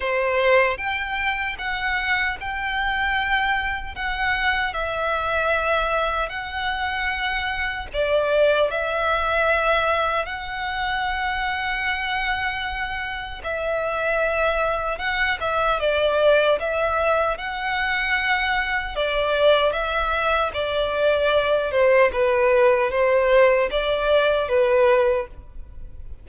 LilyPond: \new Staff \with { instrumentName = "violin" } { \time 4/4 \tempo 4 = 76 c''4 g''4 fis''4 g''4~ | g''4 fis''4 e''2 | fis''2 d''4 e''4~ | e''4 fis''2.~ |
fis''4 e''2 fis''8 e''8 | d''4 e''4 fis''2 | d''4 e''4 d''4. c''8 | b'4 c''4 d''4 b'4 | }